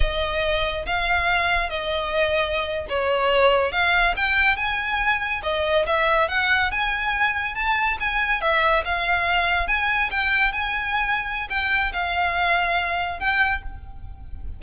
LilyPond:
\new Staff \with { instrumentName = "violin" } { \time 4/4 \tempo 4 = 141 dis''2 f''2 | dis''2~ dis''8. cis''4~ cis''16~ | cis''8. f''4 g''4 gis''4~ gis''16~ | gis''8. dis''4 e''4 fis''4 gis''16~ |
gis''4.~ gis''16 a''4 gis''4 e''16~ | e''8. f''2 gis''4 g''16~ | g''8. gis''2~ gis''16 g''4 | f''2. g''4 | }